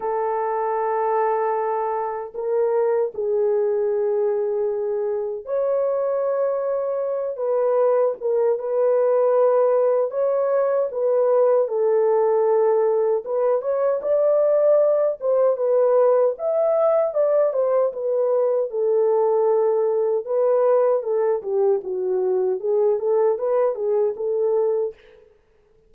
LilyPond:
\new Staff \with { instrumentName = "horn" } { \time 4/4 \tempo 4 = 77 a'2. ais'4 | gis'2. cis''4~ | cis''4. b'4 ais'8 b'4~ | b'4 cis''4 b'4 a'4~ |
a'4 b'8 cis''8 d''4. c''8 | b'4 e''4 d''8 c''8 b'4 | a'2 b'4 a'8 g'8 | fis'4 gis'8 a'8 b'8 gis'8 a'4 | }